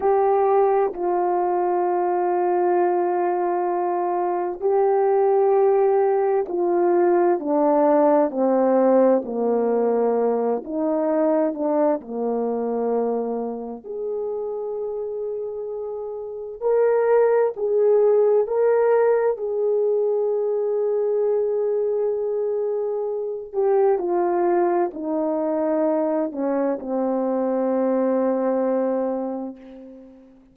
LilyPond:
\new Staff \with { instrumentName = "horn" } { \time 4/4 \tempo 4 = 65 g'4 f'2.~ | f'4 g'2 f'4 | d'4 c'4 ais4. dis'8~ | dis'8 d'8 ais2 gis'4~ |
gis'2 ais'4 gis'4 | ais'4 gis'2.~ | gis'4. g'8 f'4 dis'4~ | dis'8 cis'8 c'2. | }